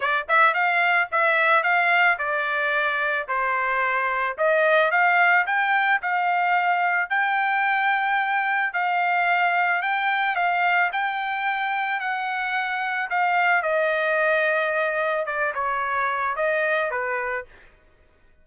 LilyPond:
\new Staff \with { instrumentName = "trumpet" } { \time 4/4 \tempo 4 = 110 d''8 e''8 f''4 e''4 f''4 | d''2 c''2 | dis''4 f''4 g''4 f''4~ | f''4 g''2. |
f''2 g''4 f''4 | g''2 fis''2 | f''4 dis''2. | d''8 cis''4. dis''4 b'4 | }